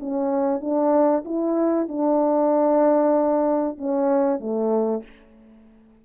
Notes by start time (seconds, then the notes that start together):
0.00 C#4
0.61 D4
1.25 E4
1.88 D4
3.77 C#4
4.40 A3